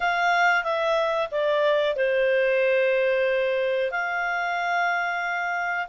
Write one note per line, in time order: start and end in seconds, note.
0.00 0.63 F5
0.63 1.28 E5
1.31 1.96 D5
1.96 3.91 C5
3.91 5.86 F5